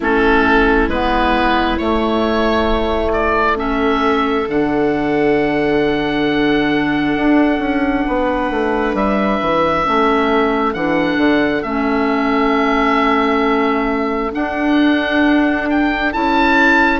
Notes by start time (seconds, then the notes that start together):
0.00 A3 C#4 E4 A4
0.87 G#3 B3 B4
1.77 A3 C#5
3.12 D5
3.55 C#4 A4 E5
4.47 D3 D4 F#5
7.16 D4
7.59 C#4
8.06 B3 B4
8.50 A3
8.93 G3 E5
9.41 E3
9.84 A3 C#4 A4
10.73 E3 D4 F#5
11.17 D3
11.62 A3 C#4 E5
14.32 D4 F#5
15.70 G5
16.12 C#4 E4 A5